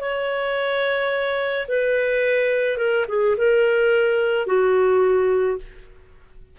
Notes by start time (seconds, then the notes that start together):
0.00 C#5
1.68 B4
2.78 A#4
3.09 G#4
3.37 A#4
4.47 F#4